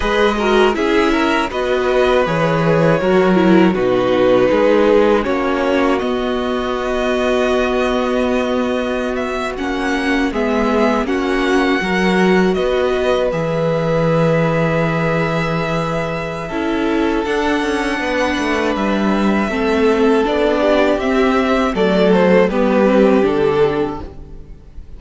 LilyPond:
<<
  \new Staff \with { instrumentName = "violin" } { \time 4/4 \tempo 4 = 80 dis''4 e''4 dis''4 cis''4~ | cis''4 b'2 cis''4 | dis''1~ | dis''16 e''8 fis''4 e''4 fis''4~ fis''16~ |
fis''8. dis''4 e''2~ e''16~ | e''2. fis''4~ | fis''4 e''2 d''4 | e''4 d''8 c''8 b'4 a'4 | }
  \new Staff \with { instrumentName = "violin" } { \time 4/4 b'8 ais'8 gis'8 ais'8 b'2 | ais'4 fis'4 gis'4 fis'4~ | fis'1~ | fis'4.~ fis'16 gis'4 fis'4 ais'16~ |
ais'8. b'2.~ b'16~ | b'2 a'2 | b'2 a'4. g'8~ | g'4 a'4 g'2 | }
  \new Staff \with { instrumentName = "viola" } { \time 4/4 gis'8 fis'8 e'4 fis'4 gis'4 | fis'8 e'8 dis'2 cis'4 | b1~ | b8. cis'4 b4 cis'4 fis'16~ |
fis'4.~ fis'16 gis'2~ gis'16~ | gis'2 e'4 d'4~ | d'2 c'4 d'4 | c'4 a4 b8 c'8 d'4 | }
  \new Staff \with { instrumentName = "cello" } { \time 4/4 gis4 cis'4 b4 e4 | fis4 b,4 gis4 ais4 | b1~ | b8. ais4 gis4 ais4 fis16~ |
fis8. b4 e2~ e16~ | e2 cis'4 d'8 cis'8 | b8 a8 g4 a4 b4 | c'4 fis4 g4 d4 | }
>>